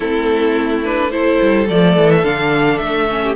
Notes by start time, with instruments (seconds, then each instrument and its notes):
0.00 cello A3, viola C4, violin E4 A4
0.84 viola D4, violin B4
1.11 viola E4, violin A4 C5
1.42 cello G3
1.69 cello F3, viola A3, violin D5
1.97 cello E3
2.10 violin E5
2.23 cello D3, viola D4, violin F5
2.77 cello A3, violin E5
3.09 viola C#4
3.23 violin G4